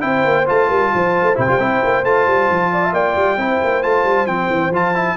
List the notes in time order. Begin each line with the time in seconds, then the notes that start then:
0.00 C4 E4 C5 G5
0.25 A#3
0.46 A3 F4 A5
0.68 G3 A#4
0.94 F3 C5
1.22 A3
1.35 C3 E4 G5
1.47 G3 F4
1.59 C4 E4
1.83 A#3
2.04 A3 F4 A5
2.27 G3
2.50 F3
2.73 D5
2.84 E5
2.92 A#3 D5 G5
3.15 G3
3.37 C4 E4 C5
3.63 A#3
3.82 A3 F4 A5
4.04 G3
4.26 F3 C4 G5
4.50 E3
4.70 F3 F4 A5
4.95 E4